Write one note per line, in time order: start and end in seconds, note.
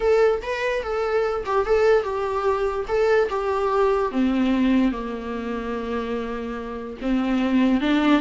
0.00 0.41 A4
0.42 0.82 B4
0.82 1.44 A4
1.45 1.65 G4
1.65 2.03 A4
2.03 2.85 G4
2.87 3.29 A4
3.29 4.11 G4
4.11 4.91 C4
4.91 6.97 A#3
7.01 7.81 C4
7.81 8.21 D4